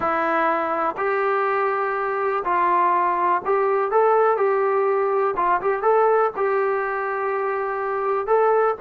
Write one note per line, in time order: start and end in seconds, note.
0.00 0.95 E4
0.97 2.43 G4
2.44 3.42 F4
3.45 3.91 G4
3.91 4.37 A4
4.37 5.35 G4
5.36 5.60 F4
5.61 5.82 G4
5.82 6.31 A4
6.36 8.27 G4
8.27 8.75 A4